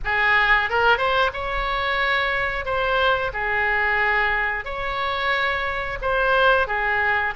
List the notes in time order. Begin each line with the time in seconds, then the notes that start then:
0.04 G#4
0.69 A#4
0.97 C5
1.33 C#5
2.65 C5
3.33 G#4
4.65 C#5
6.01 C5
6.67 G#4